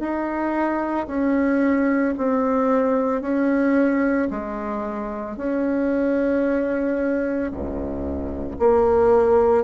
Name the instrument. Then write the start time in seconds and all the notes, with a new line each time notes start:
bassoon
0.00 D#4
1.08 C#4
2.18 C4
3.22 C#4
4.31 G#3
5.37 C#4
7.51 C#2
8.60 A#3